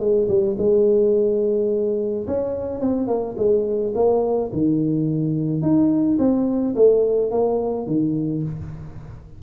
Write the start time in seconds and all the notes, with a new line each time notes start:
0.00 G#3
0.28 G3
0.58 G#3
2.27 C#4
2.81 C4
3.07 A#3
3.37 G#3
3.95 A#3
4.53 D#3
5.62 D#4
6.19 C4
6.75 A3
7.31 A#3
7.87 D#3